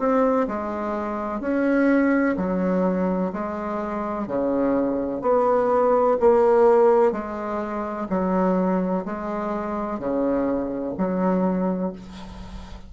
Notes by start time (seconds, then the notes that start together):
0.00 C4
0.48 G#3
1.41 C#4
2.37 F#3
3.33 G#3
4.28 C#3
5.22 B3
6.20 A#3
7.13 G#3
8.10 F#3
9.06 G#3
10.00 C#3
10.98 F#3